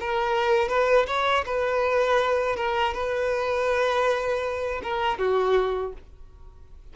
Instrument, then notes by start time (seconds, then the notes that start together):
violin
0.00 A#4
0.68 B4
1.07 C#5
1.46 B4
2.56 A#4
2.94 B4
4.83 A#4
5.18 F#4